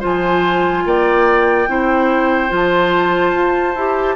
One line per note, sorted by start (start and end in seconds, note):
0.00 0.85 F3
0.00 1.67 F4
0.00 0.83 C5
0.00 0.87 G#5
0.85 1.68 A#3
0.85 1.69 D5
0.85 2.54 G5
1.68 2.51 C4
1.68 2.49 E4
1.68 4.16 C5
2.49 3.34 F3
2.49 3.74 F4
2.56 4.16 A5
3.34 3.75 F4
3.75 4.16 E4
3.75 4.16 G4